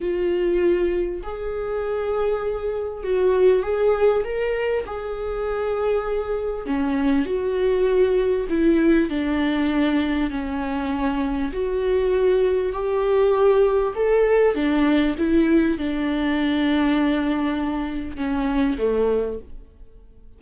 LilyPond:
\new Staff \with { instrumentName = "viola" } { \time 4/4 \tempo 4 = 99 f'2 gis'2~ | gis'4 fis'4 gis'4 ais'4 | gis'2. cis'4 | fis'2 e'4 d'4~ |
d'4 cis'2 fis'4~ | fis'4 g'2 a'4 | d'4 e'4 d'2~ | d'2 cis'4 a4 | }